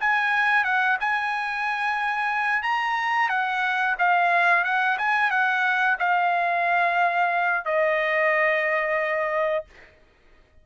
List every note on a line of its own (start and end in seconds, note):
0.00 0.64 G#5
0.64 0.98 F#5
1.00 2.63 G#5
2.63 3.29 A#5
3.29 3.96 F#5
3.99 4.64 F5
4.64 4.98 F#5
4.98 5.31 G#5
5.31 5.97 F#5
5.99 7.65 F5
7.65 9.65 D#5